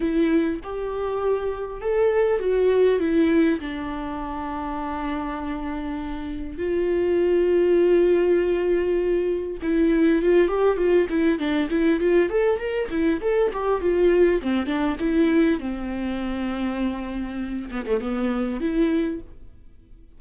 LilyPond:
\new Staff \with { instrumentName = "viola" } { \time 4/4 \tempo 4 = 100 e'4 g'2 a'4 | fis'4 e'4 d'2~ | d'2. f'4~ | f'1 |
e'4 f'8 g'8 f'8 e'8 d'8 e'8 | f'8 a'8 ais'8 e'8 a'8 g'8 f'4 | c'8 d'8 e'4 c'2~ | c'4. b16 a16 b4 e'4 | }